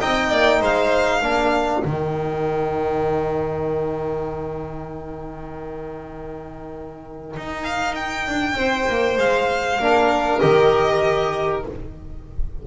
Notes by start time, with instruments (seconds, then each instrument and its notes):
0.00 double bass C4, trombone D#4, violin D#5 G5
0.29 double bass A#3, violin D5
0.61 double bass G#3, violin C5 F5
1.21 double bass A#3, trombone D4, violin A#4
1.83 double bass D#3, trombone D#4, violin G5
7.36 double bass D#4
7.64 violin F5
7.95 violin G5
8.27 double bass D4
8.53 double bass C4, violin C5
8.89 double bass A#3
9.17 double bass G#3, violin F5
9.78 double bass A#3, trombone D4, violin A#4
10.39 double bass D#3, trombone G4, violin D#5